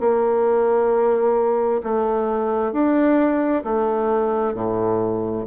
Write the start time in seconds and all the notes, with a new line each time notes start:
0.00 A#3
1.83 A3
2.73 D4
3.64 A3
4.54 A2